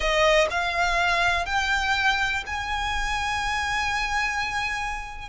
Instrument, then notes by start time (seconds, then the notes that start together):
violin
0.00 D#5
0.50 F5
1.45 G5
2.46 G#5